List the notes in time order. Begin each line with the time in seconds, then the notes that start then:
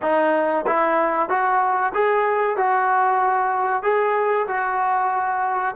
0.01 D#4
0.66 E4
1.29 F#4
1.94 G#4
2.56 F#4
3.82 G#4
4.47 F#4